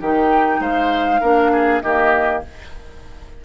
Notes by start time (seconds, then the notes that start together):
0.00 D#3 D#4 G4 G5
0.60 G#3 C5 F5
1.21 A#3 D4 A#4
1.53 G#4
1.81 D#3 A#3 G4 D#5